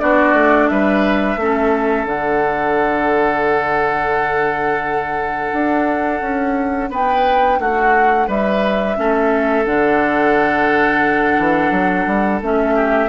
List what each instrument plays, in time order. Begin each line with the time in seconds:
0.00 bassoon B3, clarinet D4, oboe F#4, flute D5
0.34 bassoon A3
0.68 bassoon G3, oboe B4, flute E5
1.37 bassoon A3, clarinet C#4, oboe A4
2.05 bassoon D3, clarinet D4, flute F#5
5.53 bassoon D4
6.21 bassoon C#4
6.90 bassoon B3, oboe B4, flute G5
7.59 bassoon A3, oboe F#4, flute F#5
8.28 bassoon G3, oboe B4, flute E5
8.97 bassoon A3, clarinet C#4, oboe A4
9.66 bassoon D3, clarinet D4, flute F#5
11.39 bassoon E3
11.72 bassoon F#3
12.07 bassoon G3
12.42 bassoon A3, clarinet C#4, flute E5
12.75 oboe G4